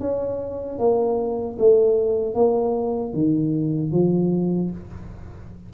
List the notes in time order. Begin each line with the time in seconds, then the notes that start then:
0.00 C#4
0.79 A#3
1.58 A3
2.35 A#3
3.13 D#3
3.92 F3